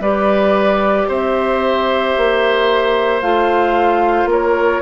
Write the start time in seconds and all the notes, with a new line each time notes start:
0.00 G3 G4 B4 D5
1.08 C4 C5 E5
2.17 A#3
3.22 A3 F4 F5
4.25 A#3 A#4 C#5